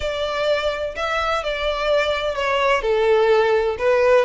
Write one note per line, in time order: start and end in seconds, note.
0.00 0.95 D5
0.96 1.43 E5
1.43 2.35 D5
2.35 2.82 C#5
2.82 3.76 A4
3.78 4.25 B4